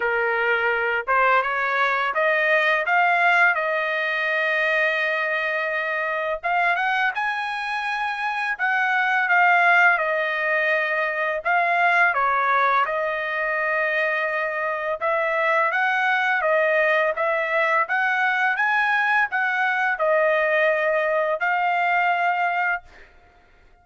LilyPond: \new Staff \with { instrumentName = "trumpet" } { \time 4/4 \tempo 4 = 84 ais'4. c''8 cis''4 dis''4 | f''4 dis''2.~ | dis''4 f''8 fis''8 gis''2 | fis''4 f''4 dis''2 |
f''4 cis''4 dis''2~ | dis''4 e''4 fis''4 dis''4 | e''4 fis''4 gis''4 fis''4 | dis''2 f''2 | }